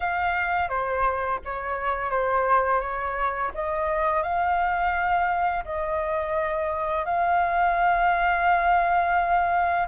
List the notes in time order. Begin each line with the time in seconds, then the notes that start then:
0.00 F5
0.68 C5
1.44 C#5
2.10 C5
2.80 C#5
3.54 D#5
4.23 F5
5.64 D#5
7.05 F5